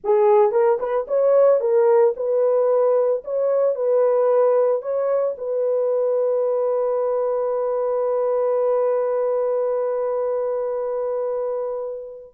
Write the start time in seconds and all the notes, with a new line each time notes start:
0.03 G#4
0.51 A#4
0.79 B4
1.07 C#5
1.60 A#4
2.16 B4
3.24 C#5
3.75 B4
4.82 C#5
5.37 B4